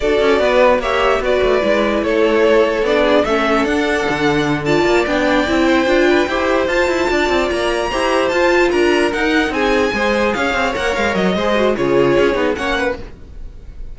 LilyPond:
<<
  \new Staff \with { instrumentName = "violin" } { \time 4/4 \tempo 4 = 148 d''2 e''4 d''4~ | d''4 cis''2 d''4 | e''4 fis''2~ fis''8 a''8~ | a''8 g''2.~ g''8~ |
g''8 a''2 ais''4.~ | ais''8 a''4 ais''4 fis''4 gis''8~ | gis''4. f''4 fis''8 f''8 dis''8~ | dis''4 cis''2 fis''4 | }
  \new Staff \with { instrumentName = "violin" } { \time 4/4 a'4 b'4 cis''4 b'4~ | b'4 a'2~ a'8 gis'8 | a'2.~ a'8 d''8~ | d''2 c''4 b'8 c''8~ |
c''4. d''2 c''8~ | c''4. ais'2 gis'8~ | gis'8 c''4 cis''2~ cis''8 | c''4 gis'2 cis''8 b'8 | }
  \new Staff \with { instrumentName = "viola" } { \time 4/4 fis'2 g'4 fis'4 | e'2. d'4 | cis'4 d'2~ d'8 f'8~ | f'8 d'4 e'4 f'4 g'8~ |
g'8 f'2. g'8~ | g'8 f'2 dis'4.~ | dis'8 gis'2 ais'4. | gis'8 fis'8 f'4. dis'8 cis'4 | }
  \new Staff \with { instrumentName = "cello" } { \time 4/4 d'8 cis'8 b4 ais4 b8 a8 | gis4 a2 b4 | a4 d'4 d2 | ais8 b4 c'4 d'4 e'8~ |
e'8 f'8 e'8 d'8 c'8 ais4 e'8~ | e'8 f'4 d'4 dis'4 c'8~ | c'8 gis4 cis'8 c'8 ais8 gis8 fis8 | gis4 cis4 cis'8 b8 ais4 | }
>>